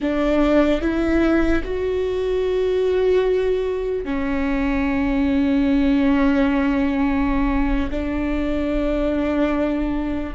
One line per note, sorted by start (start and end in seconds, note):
0.00 0.81 D4
0.81 1.62 E4
1.64 4.04 F#4
4.04 7.89 C#4
7.91 10.34 D4